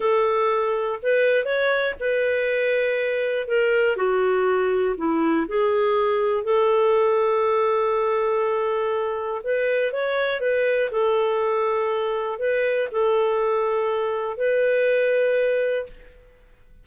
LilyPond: \new Staff \with { instrumentName = "clarinet" } { \time 4/4 \tempo 4 = 121 a'2 b'4 cis''4 | b'2. ais'4 | fis'2 e'4 gis'4~ | gis'4 a'2.~ |
a'2. b'4 | cis''4 b'4 a'2~ | a'4 b'4 a'2~ | a'4 b'2. | }